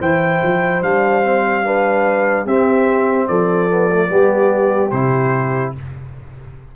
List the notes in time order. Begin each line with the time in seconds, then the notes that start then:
0.00 E3 E4 C5 G5
0.44 F3
0.83 G3 D4 F5
1.24 C4
1.64 D4 B4
2.46 C4 G4 E5
3.28 F3 A4 D5
3.70 B3
3.92 A3
4.09 G3 B3 G4
4.91 C3 E4 C5